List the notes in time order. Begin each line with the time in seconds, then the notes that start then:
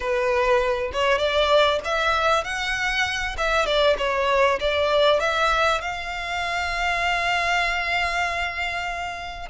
0.00 B4
0.92 C#5
1.18 D5
1.84 E5
2.44 F#5
3.37 E5
3.66 D5
3.97 C#5
4.59 D5
5.20 E5
5.81 F5